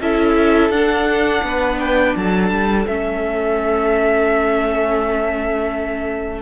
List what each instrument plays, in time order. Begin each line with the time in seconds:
0.00 cello C#4, viola E4, violin A4 E5
0.70 cello D4, viola D4, violin F#5
1.43 cello B3, violin B4
1.80 violin G5
2.16 cello F#3, violin A4 A5
2.51 cello G3
2.87 cello A3, viola C#4, violin E5